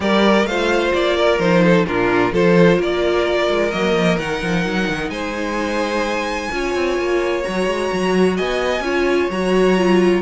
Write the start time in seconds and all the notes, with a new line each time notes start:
0.00 G3 G4 A#4 D5
0.45 A3 F4 C5 F5
0.93 A#3 D5
1.16 A#4
1.38 F3 D#4 C5
1.63 A4
1.86 A#2 D4 F4 A#4
2.32 F3 F4 A4 C5
2.77 A#3 A#4 D5
3.49 G#3
3.71 F#3 A#3 D#5
3.94 F3
4.18 D#3 D#4 F#5
4.42 F3
4.65 F#3
4.88 D#3
5.09 G#3 C5 G#5
6.51 C#4 F4 C#5
6.74 C4
6.97 A#3
7.42 F#3 F#4 A#5
7.66 G#3
7.92 F#3
8.36 B3 D#5 G#5
8.80 C#4 F4 C#5
9.30 F#3 F#4 A#5
9.77 F4